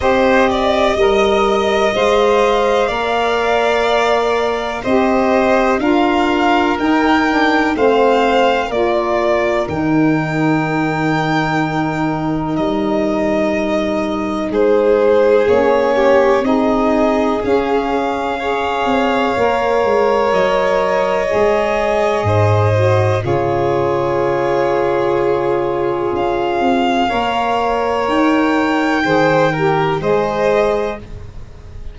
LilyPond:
<<
  \new Staff \with { instrumentName = "violin" } { \time 4/4 \tempo 4 = 62 dis''2 f''2~ | f''4 dis''4 f''4 g''4 | f''4 d''4 g''2~ | g''4 dis''2 c''4 |
cis''4 dis''4 f''2~ | f''4 dis''2. | cis''2. f''4~ | f''4 g''2 dis''4 | }
  \new Staff \with { instrumentName = "violin" } { \time 4/4 c''8 d''8 dis''2 d''4~ | d''4 c''4 ais'2 | c''4 ais'2.~ | ais'2. gis'4~ |
gis'8 g'8 gis'2 cis''4~ | cis''2. c''4 | gis'1 | cis''2 c''8 ais'8 c''4 | }
  \new Staff \with { instrumentName = "saxophone" } { \time 4/4 g'4 ais'4 c''4 ais'4~ | ais'4 g'4 f'4 dis'8 d'8 | c'4 f'4 dis'2~ | dis'1 |
cis'4 dis'4 cis'4 gis'4 | ais'2 gis'4. fis'8 | f'1 | ais'2 gis'8 g'8 gis'4 | }
  \new Staff \with { instrumentName = "tuba" } { \time 4/4 c'4 g4 gis4 ais4~ | ais4 c'4 d'4 dis'4 | a4 ais4 dis2~ | dis4 g2 gis4 |
ais4 c'4 cis'4. c'8 | ais8 gis8 fis4 gis4 gis,4 | cis2. cis'8 c'8 | ais4 dis'4 dis4 gis4 | }
>>